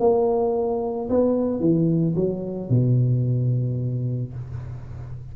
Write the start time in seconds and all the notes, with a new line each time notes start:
0.00 A#3
1.10 B3
1.60 E3
2.15 F#3
2.70 B2